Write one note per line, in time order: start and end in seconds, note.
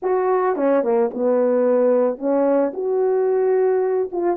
0.02 0.56 F#4
0.56 0.83 C#4
0.83 1.10 A#3
1.14 2.18 B3
2.18 2.72 C#4
2.73 4.09 F#4
4.12 4.36 F4